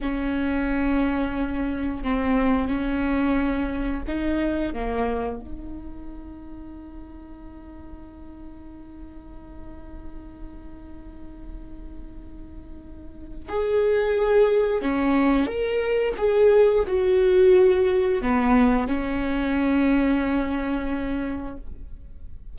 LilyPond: \new Staff \with { instrumentName = "viola" } { \time 4/4 \tempo 4 = 89 cis'2. c'4 | cis'2 dis'4 ais4 | dis'1~ | dis'1~ |
dis'1 | gis'2 cis'4 ais'4 | gis'4 fis'2 b4 | cis'1 | }